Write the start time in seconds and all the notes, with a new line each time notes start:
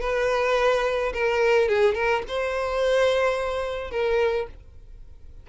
0.00 B4
1.13 A#4
1.68 G#4
1.94 A#4
2.28 C5
3.90 A#4